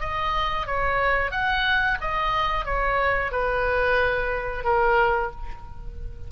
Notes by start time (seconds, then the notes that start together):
0.00 D#5
0.66 C#5
1.31 F#5
2.01 D#5
2.65 C#5
3.32 B4
4.64 A#4